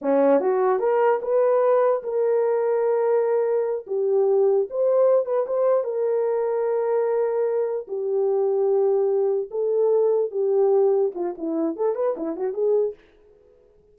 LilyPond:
\new Staff \with { instrumentName = "horn" } { \time 4/4 \tempo 4 = 148 cis'4 fis'4 ais'4 b'4~ | b'4 ais'2.~ | ais'4. g'2 c''8~ | c''4 b'8 c''4 ais'4.~ |
ais'2.~ ais'8 g'8~ | g'2.~ g'8 a'8~ | a'4. g'2 f'8 | e'4 a'8 b'8 e'8 fis'8 gis'4 | }